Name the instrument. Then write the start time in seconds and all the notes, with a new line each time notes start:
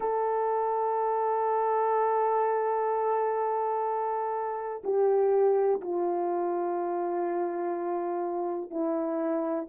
horn
0.00 A4
4.83 G4
5.81 F4
8.70 E4